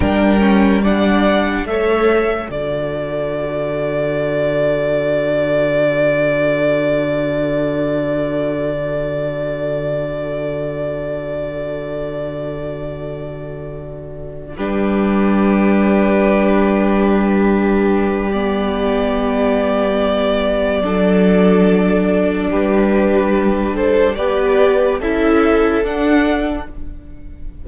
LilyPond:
<<
  \new Staff \with { instrumentName = "violin" } { \time 4/4 \tempo 4 = 72 g''4 fis''4 e''4 d''4~ | d''1~ | d''1~ | d''1~ |
d''4. b'2~ b'8~ | b'2 d''2~ | d''2. b'4~ | b'8 c''8 d''4 e''4 fis''4 | }
  \new Staff \with { instrumentName = "violin" } { \time 4/4 ais'4 d''4 cis''4 a'4~ | a'1~ | a'1~ | a'1~ |
a'4. g'2~ g'8~ | g'1~ | g'4 a'2 g'4~ | g'8 a'8 b'4 a'2 | }
  \new Staff \with { instrumentName = "viola" } { \time 4/4 d'8 cis'8 d'4 a'4 fis'4~ | fis'1~ | fis'1~ | fis'1~ |
fis'4. d'2~ d'8~ | d'2 b2~ | b4 d'2.~ | d'4 g'4 e'4 d'4 | }
  \new Staff \with { instrumentName = "cello" } { \time 4/4 g2 a4 d4~ | d1~ | d1~ | d1~ |
d4. g2~ g8~ | g1~ | g4 fis2 g4~ | g4 b4 cis'4 d'4 | }
>>